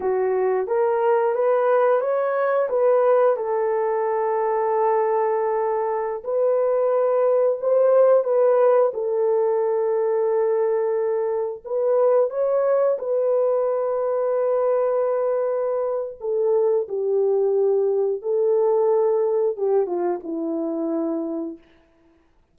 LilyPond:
\new Staff \with { instrumentName = "horn" } { \time 4/4 \tempo 4 = 89 fis'4 ais'4 b'4 cis''4 | b'4 a'2.~ | a'4~ a'16 b'2 c''8.~ | c''16 b'4 a'2~ a'8.~ |
a'4~ a'16 b'4 cis''4 b'8.~ | b'1 | a'4 g'2 a'4~ | a'4 g'8 f'8 e'2 | }